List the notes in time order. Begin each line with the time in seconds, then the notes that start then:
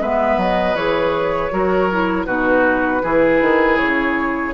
0.00 G#3 B3 B4 E5
0.37 F#3 D#5
0.74 E3 G#4 C#5
1.50 F#3 F#4 A#4
1.91 E4
2.25 B2 D#4 F#4 B4
3.03 E3 E4 G#4
3.41 D#3
3.77 C#3 C#5